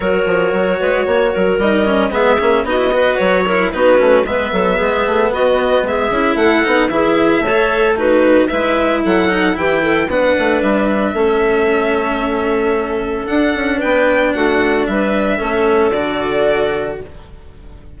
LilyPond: <<
  \new Staff \with { instrumentName = "violin" } { \time 4/4 \tempo 4 = 113 cis''2. dis''4 | e''4 dis''4 cis''4 b'4 | e''2 dis''4 e''4 | fis''4 e''2 b'4 |
e''4 fis''4 g''4 fis''4 | e''1~ | e''4 fis''4 g''4 fis''4 | e''2 d''2 | }
  \new Staff \with { instrumentName = "clarinet" } { \time 4/4 ais'4. b'8 cis''8 ais'4. | gis'4 fis'8 b'4 ais'8 fis'4 | b'8 a'8 gis'4 fis'4 gis'4 | a'4 gis'4 cis''4 fis'4 |
b'4 a'4 g'8 a'8 b'4~ | b'4 a'2.~ | a'2 b'4 fis'4 | b'4 a'2. | }
  \new Staff \with { instrumentName = "cello" } { \time 4/4 fis'2. dis'8 cis'8 | b8 cis'8 dis'16 e'16 fis'4 e'8 dis'8 cis'8 | b2.~ b8 e'8~ | e'8 dis'8 e'4 a'4 dis'4 |
e'4. dis'8 e'4 d'4~ | d'4 cis'2.~ | cis'4 d'2.~ | d'4 cis'4 fis'2 | }
  \new Staff \with { instrumentName = "bassoon" } { \time 4/4 fis8 f8 fis8 gis8 ais8 fis8 g4 | gis8 ais8 b4 fis4 b8 a8 | gis8 fis8 gis8 a8 b4 gis8 cis'8 | a8 b8 e4 a2 |
gis4 fis4 e4 b8 a8 | g4 a2.~ | a4 d'8 cis'8 b4 a4 | g4 a4 d2 | }
>>